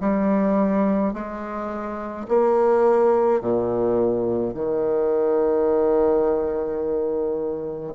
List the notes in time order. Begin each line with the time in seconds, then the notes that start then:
0.00 G3
1.13 G#3
2.27 A#3
3.41 A#2
4.54 D#3